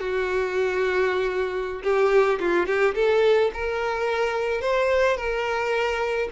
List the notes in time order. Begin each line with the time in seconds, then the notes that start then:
0.00 F#4
1.83 G4
2.40 F4
2.66 G4
2.95 A4
3.54 A#4
4.61 C5
5.17 A#4